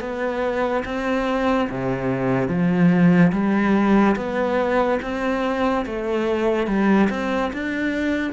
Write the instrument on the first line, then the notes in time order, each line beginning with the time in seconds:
cello
0.00 B3
0.85 C4
1.69 C3
2.48 F3
3.32 G3
4.16 B3
5.02 C4
5.86 A3
6.67 G3
7.10 C4
7.53 D4